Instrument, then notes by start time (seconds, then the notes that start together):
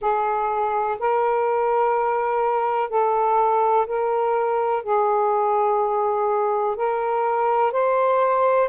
saxophone
0.01 G#4
0.99 A#4
2.89 A4
3.87 A#4
4.83 G#4
6.76 A#4
7.72 C5